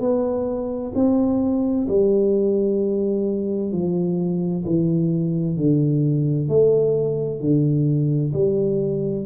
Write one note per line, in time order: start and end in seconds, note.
0.00 0.92 B3
0.95 1.87 C4
1.88 3.72 G3
3.72 4.64 F3
4.65 5.57 E3
5.57 6.48 D3
6.48 7.41 A3
7.41 8.33 D3
8.33 9.26 G3